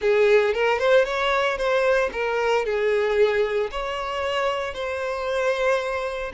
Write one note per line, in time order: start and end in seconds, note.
0.01 0.54 G#4
0.54 0.78 A#4
0.78 1.04 C5
1.04 1.57 C#5
1.57 2.10 C5
2.12 2.65 A#4
2.65 3.70 G#4
3.71 4.74 C#5
4.74 6.32 C5